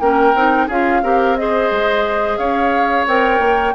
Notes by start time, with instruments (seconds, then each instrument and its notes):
0.00 bassoon A#3, clarinet C#4, oboe A#4, flute G5
0.34 bassoon C4, clarinet D#4
0.67 bassoon C#4, clarinet F4, oboe G#4, flute F5
1.03 bassoon C4, clarinet G4, oboe A#4
1.37 clarinet G#4, oboe C5, flute D#5
1.71 bassoon G#3
2.38 bassoon C#4, oboe C#5, flute F5
3.07 bassoon C4, clarinet A#4, flute G5
3.39 bassoon A#3